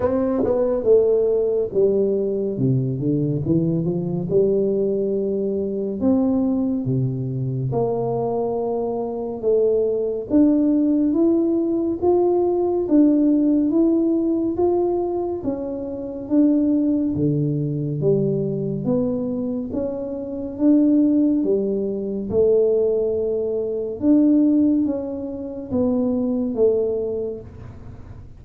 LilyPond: \new Staff \with { instrumentName = "tuba" } { \time 4/4 \tempo 4 = 70 c'8 b8 a4 g4 c8 d8 | e8 f8 g2 c'4 | c4 ais2 a4 | d'4 e'4 f'4 d'4 |
e'4 f'4 cis'4 d'4 | d4 g4 b4 cis'4 | d'4 g4 a2 | d'4 cis'4 b4 a4 | }